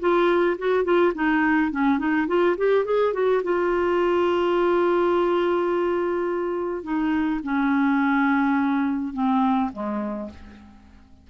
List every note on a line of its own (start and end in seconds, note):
0.00 0.57 F4
0.58 0.84 F#4
0.84 1.13 F4
1.15 1.71 D#4
1.71 1.98 C#4
1.98 2.27 D#4
2.28 2.56 F4
2.57 2.85 G4
2.85 3.14 G#4
3.14 3.42 F#4
3.44 6.84 F4
6.84 7.41 D#4
7.43 9.14 C#4
9.14 9.71 C4
9.72 10.30 G#3